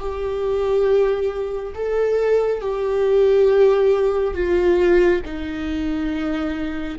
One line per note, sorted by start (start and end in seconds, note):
0.00 1.74 G4
1.75 2.61 A4
2.61 4.34 G4
4.34 5.21 F4
5.25 6.99 D#4